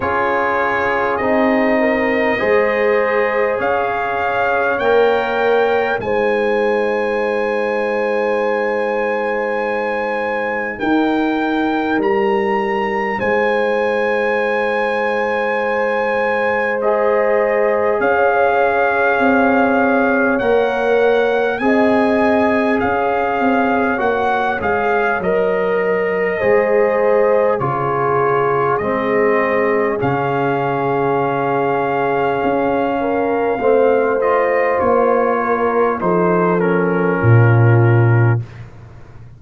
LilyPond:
<<
  \new Staff \with { instrumentName = "trumpet" } { \time 4/4 \tempo 4 = 50 cis''4 dis''2 f''4 | g''4 gis''2.~ | gis''4 g''4 ais''4 gis''4~ | gis''2 dis''4 f''4~ |
f''4 fis''4 gis''4 f''4 | fis''8 f''8 dis''2 cis''4 | dis''4 f''2.~ | f''8 dis''8 cis''4 c''8 ais'4. | }
  \new Staff \with { instrumentName = "horn" } { \time 4/4 gis'4. ais'8 c''4 cis''4~ | cis''4 c''2.~ | c''4 ais'2 c''4~ | c''2. cis''4~ |
cis''2 dis''4 cis''4~ | cis''2 c''4 gis'4~ | gis'2.~ gis'8 ais'8 | c''4. ais'8 a'4 f'4 | }
  \new Staff \with { instrumentName = "trombone" } { \time 4/4 f'4 dis'4 gis'2 | ais'4 dis'2.~ | dis'1~ | dis'2 gis'2~ |
gis'4 ais'4 gis'2 | fis'8 gis'8 ais'4 gis'4 f'4 | c'4 cis'2. | c'8 f'4. dis'8 cis'4. | }
  \new Staff \with { instrumentName = "tuba" } { \time 4/4 cis'4 c'4 gis4 cis'4 | ais4 gis2.~ | gis4 dis'4 g4 gis4~ | gis2. cis'4 |
c'4 ais4 c'4 cis'8 c'8 | ais8 gis8 fis4 gis4 cis4 | gis4 cis2 cis'4 | a4 ais4 f4 ais,4 | }
>>